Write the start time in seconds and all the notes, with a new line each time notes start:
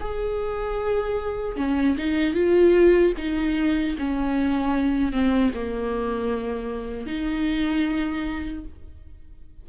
0.00 G#4
1.56 C#4
1.98 D#4
2.34 F4
3.18 D#4
3.98 C#4
5.12 C4
5.54 A#3
7.07 D#4